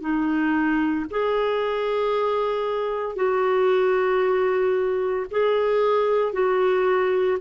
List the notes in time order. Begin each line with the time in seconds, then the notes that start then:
0.00 D#4
1.10 G#4
3.15 F#4
5.31 G#4
6.33 F#4